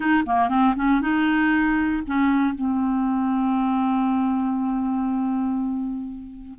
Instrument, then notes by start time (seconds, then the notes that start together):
clarinet
0.00 D#4
0.25 A#3
0.48 C4
0.76 C#4
1.01 D#4
2.06 C#4
2.54 C4